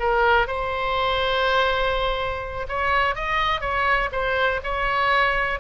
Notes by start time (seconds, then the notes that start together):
0.00 A#4
0.48 C5
2.69 C#5
3.16 D#5
3.61 C#5
4.12 C5
4.64 C#5